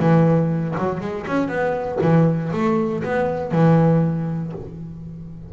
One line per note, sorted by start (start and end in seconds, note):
0.00 0.76 E3
0.78 1.01 F#3
1.01 1.27 G#3
1.28 1.49 C#4
1.49 1.99 B3
2.02 2.52 E3
2.53 3.04 A3
3.04 3.52 B3
3.52 4.53 E3